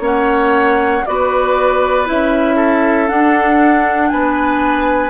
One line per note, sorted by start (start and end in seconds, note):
0.00 1.02 A#3
0.00 1.03 C#4
0.00 1.04 C#5
0.00 1.06 F#5
1.06 2.10 B3
1.06 2.06 F#4
1.06 2.56 B4
1.06 2.08 D5
2.06 3.10 C#4
2.06 3.08 E4
2.06 3.09 E5
2.56 4.09 A4
3.08 5.10 D4
3.08 4.12 D4
3.08 4.10 F#5
4.10 5.10 B3
4.10 5.10 B4
4.10 5.10 G#5